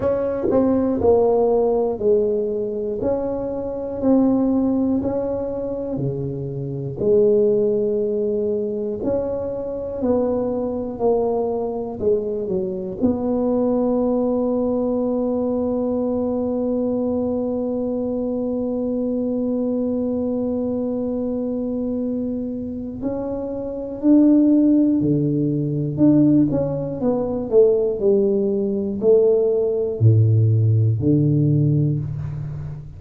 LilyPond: \new Staff \with { instrumentName = "tuba" } { \time 4/4 \tempo 4 = 60 cis'8 c'8 ais4 gis4 cis'4 | c'4 cis'4 cis4 gis4~ | gis4 cis'4 b4 ais4 | gis8 fis8 b2.~ |
b1~ | b2. cis'4 | d'4 d4 d'8 cis'8 b8 a8 | g4 a4 a,4 d4 | }